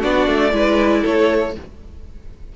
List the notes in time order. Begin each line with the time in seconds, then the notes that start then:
0.00 B3 D4 F#4 D5
0.27 A3
0.51 G#3 E4 B4
1.01 A3 A4 C#5